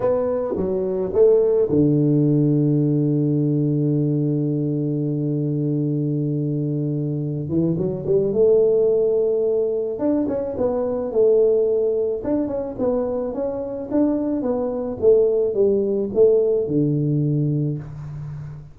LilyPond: \new Staff \with { instrumentName = "tuba" } { \time 4/4 \tempo 4 = 108 b4 fis4 a4 d4~ | d1~ | d1~ | d4. e8 fis8 g8 a4~ |
a2 d'8 cis'8 b4 | a2 d'8 cis'8 b4 | cis'4 d'4 b4 a4 | g4 a4 d2 | }